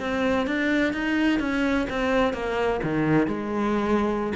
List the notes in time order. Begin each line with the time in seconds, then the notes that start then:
0.00 C4
0.47 D4
0.93 D#4
1.40 C#4
1.90 C4
2.34 A#3
2.83 D#3
3.27 G#3